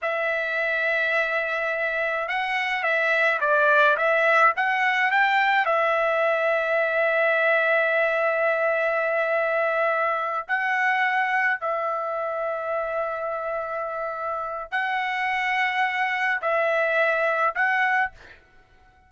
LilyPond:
\new Staff \with { instrumentName = "trumpet" } { \time 4/4 \tempo 4 = 106 e''1 | fis''4 e''4 d''4 e''4 | fis''4 g''4 e''2~ | e''1~ |
e''2~ e''8 fis''4.~ | fis''8 e''2.~ e''8~ | e''2 fis''2~ | fis''4 e''2 fis''4 | }